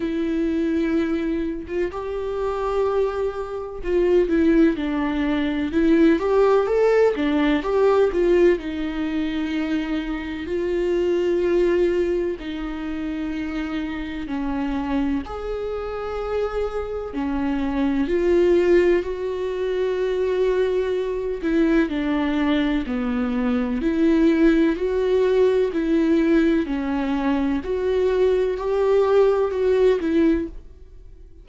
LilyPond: \new Staff \with { instrumentName = "viola" } { \time 4/4 \tempo 4 = 63 e'4.~ e'16 f'16 g'2 | f'8 e'8 d'4 e'8 g'8 a'8 d'8 | g'8 f'8 dis'2 f'4~ | f'4 dis'2 cis'4 |
gis'2 cis'4 f'4 | fis'2~ fis'8 e'8 d'4 | b4 e'4 fis'4 e'4 | cis'4 fis'4 g'4 fis'8 e'8 | }